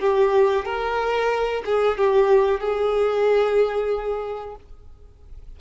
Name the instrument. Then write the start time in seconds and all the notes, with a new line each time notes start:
violin
0.00 G4
0.65 A#4
1.65 G#4
1.98 G4
2.60 G#4